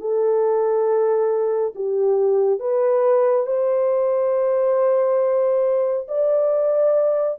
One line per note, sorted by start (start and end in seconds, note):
0.00 1.74 A4
1.75 2.60 G4
2.60 3.47 B4
3.47 6.08 C5
6.08 7.39 D5